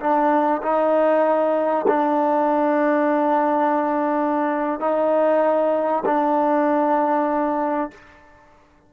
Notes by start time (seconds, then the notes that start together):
0.00 D4
0.62 D#4
1.88 D4
4.80 D#4
6.06 D4